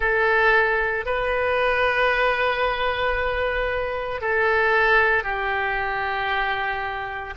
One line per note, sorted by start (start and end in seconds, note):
0.00 1.05 A4
1.05 4.21 B4
4.21 5.23 A4
5.23 7.34 G4